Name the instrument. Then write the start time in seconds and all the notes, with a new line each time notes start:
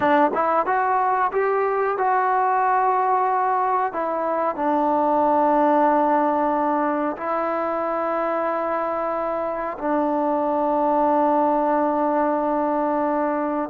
trombone
0.00 D4
0.34 E4
0.66 F#4
1.32 G4
1.97 F#4
3.92 E4
4.55 D4
7.17 E4
9.78 D4